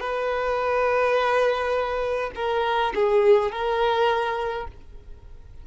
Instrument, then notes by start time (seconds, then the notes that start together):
violin
0.00 B4
2.35 A#4
2.95 G#4
3.52 A#4